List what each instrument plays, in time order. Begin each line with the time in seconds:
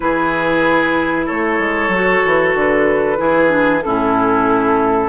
0.00 bassoon E3, clarinet E4, oboe G#4, flute B4
1.26 bassoon A3, oboe A4, flute C#5
1.59 bassoon G#3
1.88 bassoon F#3, clarinet F#4
2.25 bassoon E3
2.54 bassoon D3, flute B4
3.17 bassoon E3, clarinet E4, oboe G#4
3.48 clarinet D4
3.82 bassoon A2, clarinet C#4, oboe E4, flute A4